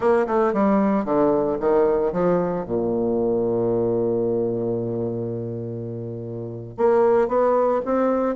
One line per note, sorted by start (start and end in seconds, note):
0.00 0.26 A#3
0.26 0.53 A3
0.53 1.04 G3
1.04 1.57 D3
1.60 2.12 D#3
2.12 2.65 F3
2.65 6.77 A#2
6.77 7.27 A#3
7.27 7.81 B3
7.85 8.35 C4